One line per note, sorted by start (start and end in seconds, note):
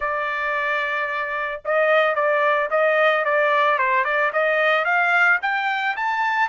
0.00 1.61 D5
1.64 2.15 D#5
2.15 2.69 D5
2.70 3.24 D#5
3.25 3.78 D5
3.78 4.04 C5
4.04 4.31 D5
4.32 4.85 D#5
4.85 5.39 F5
5.42 5.96 G5
5.96 6.48 A5